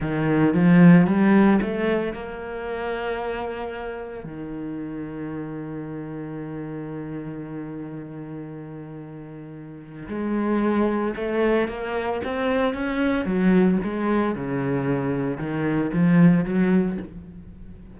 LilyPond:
\new Staff \with { instrumentName = "cello" } { \time 4/4 \tempo 4 = 113 dis4 f4 g4 a4 | ais1 | dis1~ | dis1~ |
dis2. gis4~ | gis4 a4 ais4 c'4 | cis'4 fis4 gis4 cis4~ | cis4 dis4 f4 fis4 | }